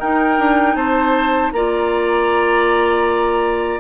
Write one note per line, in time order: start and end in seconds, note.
0.00 1.54 D#4
0.00 0.39 D#4
0.00 0.76 A#4
0.00 0.76 G5
0.39 0.75 D4
0.75 1.51 C4
0.75 1.53 C5
0.75 1.52 A5
1.52 3.80 A#3
1.52 3.80 F4
1.52 3.80 D5
1.52 3.80 A#5